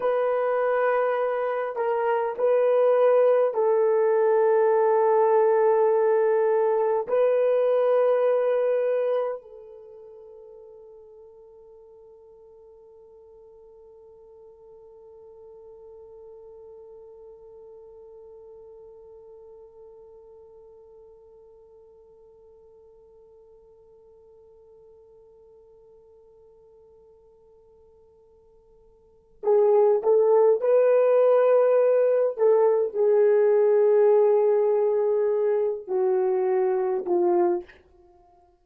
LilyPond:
\new Staff \with { instrumentName = "horn" } { \time 4/4 \tempo 4 = 51 b'4. ais'8 b'4 a'4~ | a'2 b'2 | a'1~ | a'1~ |
a'1~ | a'1~ | a'4 gis'8 a'8 b'4. a'8 | gis'2~ gis'8 fis'4 f'8 | }